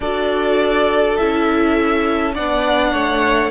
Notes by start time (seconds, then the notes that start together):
0.00 D4 F#4 A4 D5
1.17 C#4 E4 E5
2.34 B3 D4 D5 F#5
2.91 A3 C#5